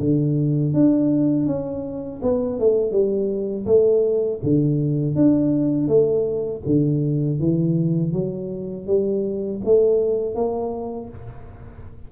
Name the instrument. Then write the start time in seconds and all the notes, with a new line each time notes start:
tuba
0.00 D3
0.74 D4
1.46 C#4
2.23 B3
2.60 A3
2.92 G3
3.66 A3
4.43 D3
5.15 D4
5.88 A3
6.66 D3
7.40 E3
8.13 F#3
8.87 G3
9.65 A3
10.35 A#3